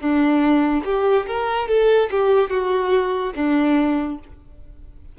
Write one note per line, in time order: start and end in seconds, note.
0.00 0.83 D4
0.84 1.26 G4
1.27 1.68 A#4
1.68 2.09 A4
2.10 2.50 G4
2.50 3.33 F#4
3.35 4.18 D4